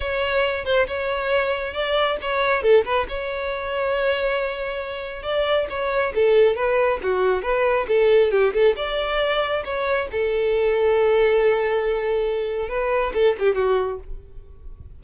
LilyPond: \new Staff \with { instrumentName = "violin" } { \time 4/4 \tempo 4 = 137 cis''4. c''8 cis''2 | d''4 cis''4 a'8 b'8 cis''4~ | cis''1 | d''4 cis''4 a'4 b'4 |
fis'4 b'4 a'4 g'8 a'8 | d''2 cis''4 a'4~ | a'1~ | a'4 b'4 a'8 g'8 fis'4 | }